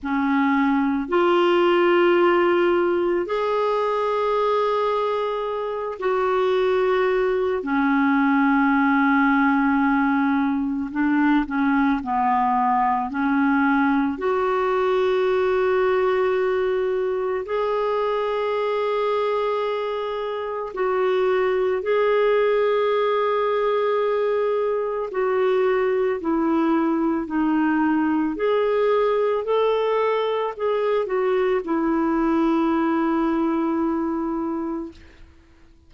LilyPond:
\new Staff \with { instrumentName = "clarinet" } { \time 4/4 \tempo 4 = 55 cis'4 f'2 gis'4~ | gis'4. fis'4. cis'4~ | cis'2 d'8 cis'8 b4 | cis'4 fis'2. |
gis'2. fis'4 | gis'2. fis'4 | e'4 dis'4 gis'4 a'4 | gis'8 fis'8 e'2. | }